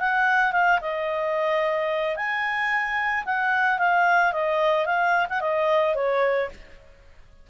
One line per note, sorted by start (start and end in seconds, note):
0.00 0.53 F#5
0.53 0.80 F5
0.81 2.16 D#5
2.16 3.25 G#5
3.26 3.79 F#5
3.79 4.33 F5
4.33 4.86 D#5
4.86 5.27 F5
5.30 5.41 F#5
5.41 5.95 D#5
5.95 6.49 C#5